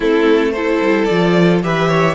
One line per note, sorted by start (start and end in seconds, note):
0.00 0.80 A3
0.00 0.54 C4
0.00 0.50 E4
0.00 0.52 A4
0.52 1.10 E4
0.52 1.63 A4
0.52 1.05 C5
0.81 1.08 G3
1.05 1.63 F3
1.05 1.62 F4
1.05 1.59 D5
1.62 2.15 E3
1.62 2.15 G4
1.62 1.88 B4
1.62 2.15 E5
1.88 2.15 C#5